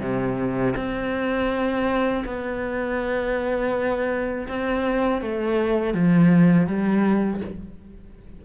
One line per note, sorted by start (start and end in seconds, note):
0.00 0.74 C3
0.76 2.24 C4
2.25 4.47 B3
4.48 5.22 C4
5.22 5.94 A3
5.94 6.67 F3
6.67 7.41 G3